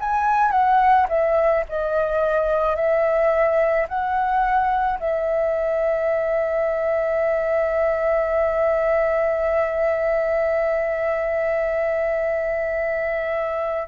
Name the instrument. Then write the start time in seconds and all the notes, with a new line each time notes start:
flute
0.00 G#5
0.51 F#5
1.09 E5
1.69 D#5
2.76 E5
3.88 F#5
4.99 E5